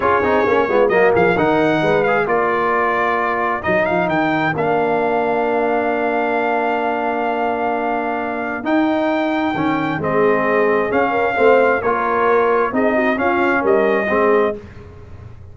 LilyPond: <<
  \new Staff \with { instrumentName = "trumpet" } { \time 4/4 \tempo 4 = 132 cis''2 dis''8 f''8 fis''4~ | fis''8 f''8 d''2. | dis''8 f''8 g''4 f''2~ | f''1~ |
f''2. g''4~ | g''2 dis''2 | f''2 cis''2 | dis''4 f''4 dis''2 | }
  \new Staff \with { instrumentName = "horn" } { \time 4/4 gis'4. f'8 fis'8 gis'8 ais'4 | b'4 ais'2.~ | ais'1~ | ais'1~ |
ais'1~ | ais'2 gis'2~ | gis'8 ais'8 c''4 ais'2 | gis'8 fis'8 f'4 ais'4 gis'4 | }
  \new Staff \with { instrumentName = "trombone" } { \time 4/4 f'8 dis'8 cis'8 b8 ais4 dis'4~ | dis'8 gis'8 f'2. | dis'2 d'2~ | d'1~ |
d'2. dis'4~ | dis'4 cis'4 c'2 | cis'4 c'4 f'2 | dis'4 cis'2 c'4 | }
  \new Staff \with { instrumentName = "tuba" } { \time 4/4 cis'8 c'8 ais8 gis8 fis8 f8 dis4 | gis4 ais2. | fis8 f8 dis4 ais2~ | ais1~ |
ais2. dis'4~ | dis'4 dis4 gis2 | cis'4 a4 ais2 | c'4 cis'4 g4 gis4 | }
>>